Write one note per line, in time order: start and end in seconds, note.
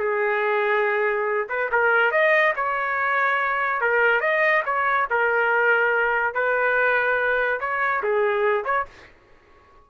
0.00 1.48 G#4
1.49 1.71 B4
1.72 2.12 A#4
2.12 2.54 D#5
2.56 3.81 C#5
3.81 4.21 A#4
4.21 4.63 D#5
4.66 5.08 C#5
5.10 6.35 A#4
6.35 7.61 B4
7.61 8.03 C#5
8.04 8.65 G#4
8.65 8.86 C#5